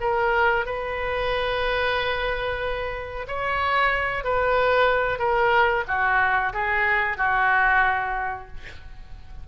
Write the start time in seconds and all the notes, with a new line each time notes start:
0.00 A#4
0.65 B4
3.27 C#5
4.23 B4
5.18 A#4
5.87 F#4
6.53 G#4
7.17 F#4